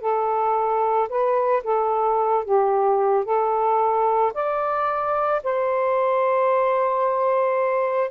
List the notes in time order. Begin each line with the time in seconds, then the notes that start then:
0.00 A4
1.09 B4
1.63 A4
2.44 G4
3.24 A4
4.33 D5
5.43 C5